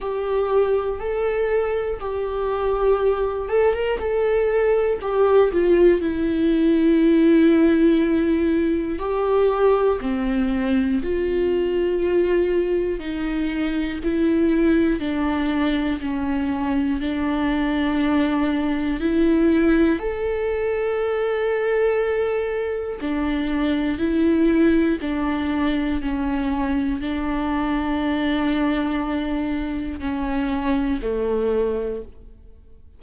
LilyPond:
\new Staff \with { instrumentName = "viola" } { \time 4/4 \tempo 4 = 60 g'4 a'4 g'4. a'16 ais'16 | a'4 g'8 f'8 e'2~ | e'4 g'4 c'4 f'4~ | f'4 dis'4 e'4 d'4 |
cis'4 d'2 e'4 | a'2. d'4 | e'4 d'4 cis'4 d'4~ | d'2 cis'4 a4 | }